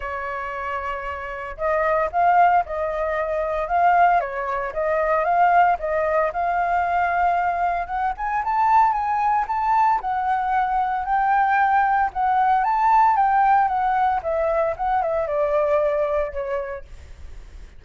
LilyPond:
\new Staff \with { instrumentName = "flute" } { \time 4/4 \tempo 4 = 114 cis''2. dis''4 | f''4 dis''2 f''4 | cis''4 dis''4 f''4 dis''4 | f''2. fis''8 gis''8 |
a''4 gis''4 a''4 fis''4~ | fis''4 g''2 fis''4 | a''4 g''4 fis''4 e''4 | fis''8 e''8 d''2 cis''4 | }